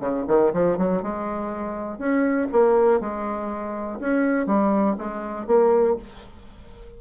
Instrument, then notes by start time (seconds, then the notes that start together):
bassoon
0.00 C#3
0.28 D#3
0.53 F3
0.78 F#3
1.03 G#3
1.98 C#4
2.52 A#3
3.00 G#3
4.00 C#4
4.47 G3
4.98 G#3
5.47 A#3